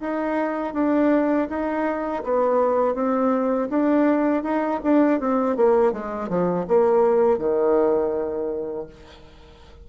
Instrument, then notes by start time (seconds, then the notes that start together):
bassoon
0.00 D#4
0.74 D4
1.49 D#4
2.24 B3
2.94 C4
3.69 D4
4.43 D#4
4.83 D4
5.20 C4
5.56 A#3
5.92 G#3
6.29 F3
6.68 A#3
7.38 D#3